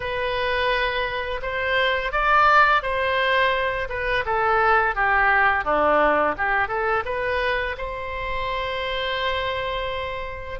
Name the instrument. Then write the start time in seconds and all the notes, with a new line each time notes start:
oboe
0.00 B4
1.41 C5
2.12 D5
2.82 C5
3.89 B4
4.25 A4
4.95 G4
5.64 D4
6.37 G4
6.68 A4
7.05 B4
7.77 C5